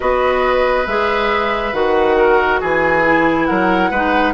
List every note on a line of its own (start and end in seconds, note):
0.00 0.86 B3
0.00 0.85 F#4
0.00 2.16 B4
0.00 0.87 D#5
0.86 1.72 G#3
0.86 1.72 G#4
0.86 1.73 E5
1.72 2.59 D#3
1.72 3.03 F#4
1.72 2.60 F#5
2.17 2.60 A#4
2.60 3.49 E3
2.60 3.47 G#4
2.60 3.46 G#5
3.06 3.93 E4
3.46 3.90 F#3
3.46 3.90 A#4
3.46 4.33 F#5
3.90 4.33 G#3
3.90 4.33 D#4
3.90 4.33 B4